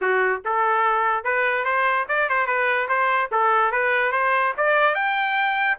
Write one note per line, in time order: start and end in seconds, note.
0.01 0.42 F#4
0.44 1.24 A4
1.24 1.64 B4
1.64 2.06 C5
2.08 2.29 D5
2.29 2.46 C5
2.46 2.87 B4
2.88 3.29 C5
3.31 3.71 A4
3.71 4.12 B4
4.12 4.53 C5
4.57 4.94 D5
4.94 5.77 G5